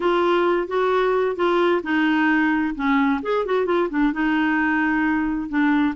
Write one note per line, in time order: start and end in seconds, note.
0.00 0.67 F4
0.67 1.36 F#4
1.36 1.81 F4
1.83 2.74 D#4
2.75 3.20 C#4
3.22 3.45 G#4
3.45 3.65 F#4
3.65 3.88 F4
3.89 4.12 D4
4.12 5.48 D#4
5.48 5.94 D4